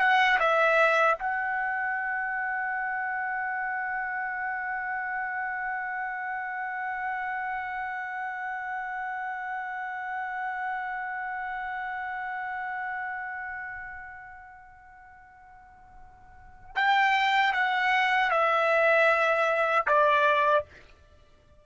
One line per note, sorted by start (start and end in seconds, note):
0.00 0.39 F#5
0.39 1.17 E5
1.19 16.75 F#5
16.75 17.53 G5
17.53 18.30 F#5
18.30 19.86 E5
19.87 20.65 D5